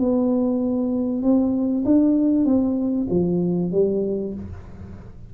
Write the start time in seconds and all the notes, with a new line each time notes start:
0.00 B3
1.23 C4
1.86 D4
2.45 C4
3.10 F3
3.73 G3